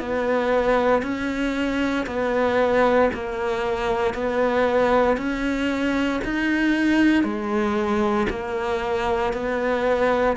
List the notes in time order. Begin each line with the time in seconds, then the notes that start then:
0.00 B3
1.03 C#4
2.07 B3
3.14 A#3
4.14 B3
5.18 C#4
6.24 D#4
7.24 G#3
8.30 A#3
9.33 B3